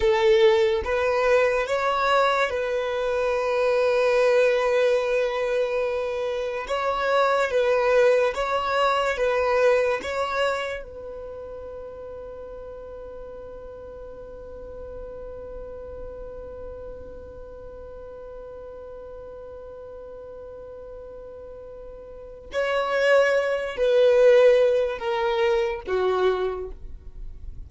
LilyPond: \new Staff \with { instrumentName = "violin" } { \time 4/4 \tempo 4 = 72 a'4 b'4 cis''4 b'4~ | b'1 | cis''4 b'4 cis''4 b'4 | cis''4 b'2.~ |
b'1~ | b'1~ | b'2. cis''4~ | cis''8 b'4. ais'4 fis'4 | }